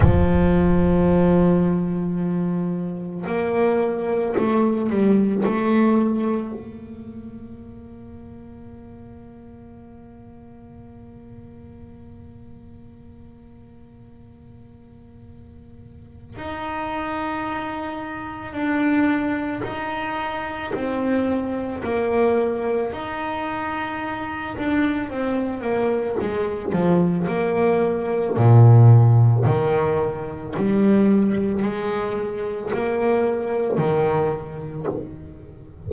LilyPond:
\new Staff \with { instrumentName = "double bass" } { \time 4/4 \tempo 4 = 55 f2. ais4 | a8 g8 a4 ais2~ | ais1~ | ais2. dis'4~ |
dis'4 d'4 dis'4 c'4 | ais4 dis'4. d'8 c'8 ais8 | gis8 f8 ais4 ais,4 dis4 | g4 gis4 ais4 dis4 | }